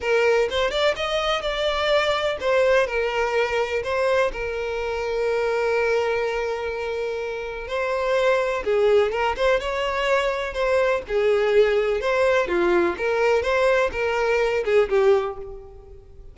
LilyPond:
\new Staff \with { instrumentName = "violin" } { \time 4/4 \tempo 4 = 125 ais'4 c''8 d''8 dis''4 d''4~ | d''4 c''4 ais'2 | c''4 ais'2.~ | ais'1 |
c''2 gis'4 ais'8 c''8 | cis''2 c''4 gis'4~ | gis'4 c''4 f'4 ais'4 | c''4 ais'4. gis'8 g'4 | }